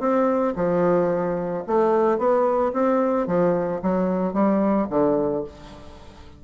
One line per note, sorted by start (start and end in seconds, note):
0.00 0.54 C4
0.56 1.64 F3
1.67 2.18 A3
2.18 2.72 B3
2.73 3.27 C4
3.27 3.81 F3
3.82 4.33 F#3
4.33 4.87 G3
4.90 5.44 D3